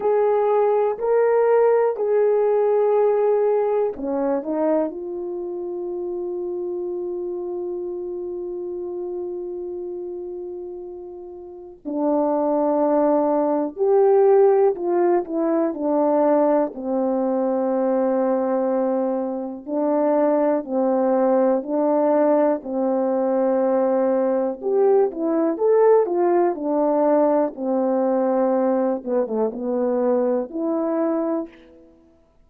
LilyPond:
\new Staff \with { instrumentName = "horn" } { \time 4/4 \tempo 4 = 61 gis'4 ais'4 gis'2 | cis'8 dis'8 f'2.~ | f'1 | d'2 g'4 f'8 e'8 |
d'4 c'2. | d'4 c'4 d'4 c'4~ | c'4 g'8 e'8 a'8 f'8 d'4 | c'4. b16 a16 b4 e'4 | }